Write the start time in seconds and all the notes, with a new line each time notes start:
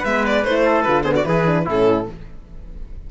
0.00 G#3 B4 E5
0.06 B3
0.27 D5
0.44 A3 E4 C5
0.65 A4
0.83 D3 F4 B4
1.04 B3 G#4 C5
1.16 F#4 D5
1.24 E3 E4 G#4 B4
1.47 D4
1.66 A2 C#4 E4 A4